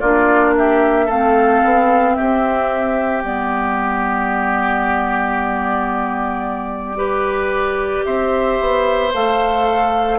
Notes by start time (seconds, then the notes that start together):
0.00 A#3 D4 F4 D5
0.57 G4 E5
1.06 A3 C4 A4 F5
1.64 B3
2.15 C4 G4 E5
3.21 G3 B3 D5
6.96 G4 B4
8.05 C4 C5 E5
8.60 B3
9.14 A3 A4 F5